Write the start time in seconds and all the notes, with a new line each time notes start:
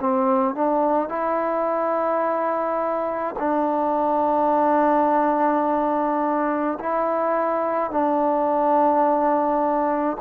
0.00 C4
0.55 D4
1.09 E4
3.39 D4
6.79 E4
7.91 D4